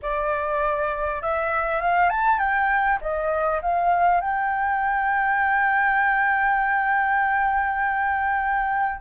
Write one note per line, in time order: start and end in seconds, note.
0.01 1.22 D5
1.22 1.81 E5
1.81 2.09 F5
2.09 2.38 A5
2.38 2.98 G5
3.01 3.61 D#5
3.62 4.21 F5
4.21 9.01 G5